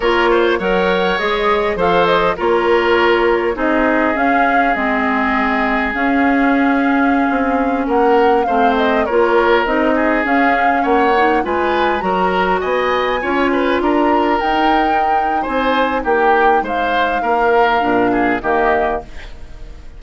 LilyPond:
<<
  \new Staff \with { instrumentName = "flute" } { \time 4/4 \tempo 4 = 101 cis''4 fis''4 dis''4 f''8 dis''8 | cis''2 dis''4 f''4 | dis''2 f''2~ | f''4~ f''16 fis''4 f''8 dis''8 cis''8.~ |
cis''16 dis''4 f''4 fis''4 gis''8.~ | gis''16 ais''4 gis''2 ais''8.~ | ais''16 g''4.~ g''16 gis''4 g''4 | f''2. dis''4 | }
  \new Staff \with { instrumentName = "oboe" } { \time 4/4 ais'8 c''8 cis''2 c''4 | ais'2 gis'2~ | gis'1~ | gis'4~ gis'16 ais'4 c''4 ais'8.~ |
ais'8. gis'4. cis''4 b'8.~ | b'16 ais'4 dis''4 cis''8 b'8 ais'8.~ | ais'2 c''4 g'4 | c''4 ais'4. gis'8 g'4 | }
  \new Staff \with { instrumentName = "clarinet" } { \time 4/4 f'4 ais'4 gis'4 a'4 | f'2 dis'4 cis'4 | c'2 cis'2~ | cis'2~ cis'16 c'4 f'8.~ |
f'16 dis'4 cis'4. dis'8 f'8.~ | f'16 fis'2 f'4.~ f'16~ | f'16 dis'2.~ dis'8.~ | dis'2 d'4 ais4 | }
  \new Staff \with { instrumentName = "bassoon" } { \time 4/4 ais4 fis4 gis4 f4 | ais2 c'4 cis'4 | gis2 cis'2~ | cis'16 c'4 ais4 a4 ais8.~ |
ais16 c'4 cis'4 ais4 gis8.~ | gis16 fis4 b4 cis'4 d'8.~ | d'16 dis'4.~ dis'16 c'4 ais4 | gis4 ais4 ais,4 dis4 | }
>>